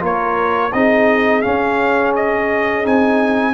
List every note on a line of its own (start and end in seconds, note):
0.00 0.73 A#3
0.00 0.71 F4
0.00 0.72 A#4
0.00 0.73 C#5
0.73 1.45 C4
0.73 1.44 D#4
0.73 3.54 G#4
0.73 1.42 D#5
1.42 2.84 C#4
1.42 2.87 C#4
1.42 2.13 F5
2.16 2.87 D#5
2.84 3.54 C4
2.84 3.54 D#4
2.84 3.54 G#5